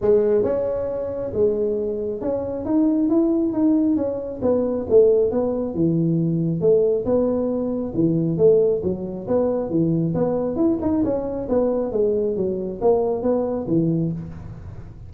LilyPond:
\new Staff \with { instrumentName = "tuba" } { \time 4/4 \tempo 4 = 136 gis4 cis'2 gis4~ | gis4 cis'4 dis'4 e'4 | dis'4 cis'4 b4 a4 | b4 e2 a4 |
b2 e4 a4 | fis4 b4 e4 b4 | e'8 dis'8 cis'4 b4 gis4 | fis4 ais4 b4 e4 | }